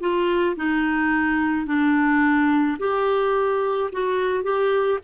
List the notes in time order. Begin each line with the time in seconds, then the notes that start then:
0.00 F4
0.56 D#4
1.66 D4
2.79 G4
3.92 F#4
4.43 G4